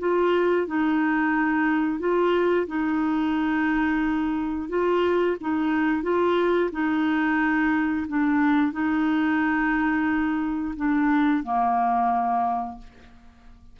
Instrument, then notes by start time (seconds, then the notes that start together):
clarinet
0.00 F4
0.67 D#4
2.00 F4
2.68 D#4
4.69 F4
5.41 D#4
6.03 F4
6.72 D#4
8.08 D4
8.73 D#4
10.77 D4
11.44 A#3